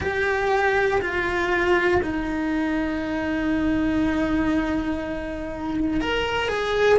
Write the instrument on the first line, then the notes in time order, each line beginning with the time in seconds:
cello
0.00 G4
1.01 F4
2.02 D#4
6.00 A#4
6.48 G#4